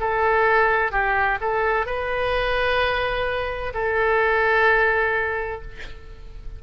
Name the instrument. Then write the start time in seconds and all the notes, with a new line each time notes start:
oboe
0.00 A4
0.92 G4
1.41 A4
1.86 B4
3.74 A4